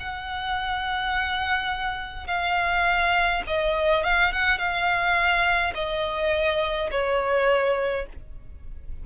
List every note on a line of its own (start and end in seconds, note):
0.00 2.28 F#5
2.28 3.43 F5
3.48 4.04 D#5
4.04 4.33 F5
4.33 4.58 F#5
4.58 5.74 F5
5.75 6.91 D#5
6.91 8.07 C#5